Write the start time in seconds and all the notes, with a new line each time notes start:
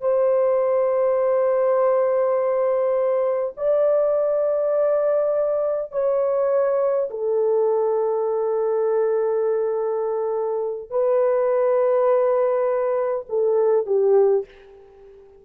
0.00 C5
3.57 D5
5.91 C#5
7.10 A4
10.90 B4
13.29 A4
13.86 G4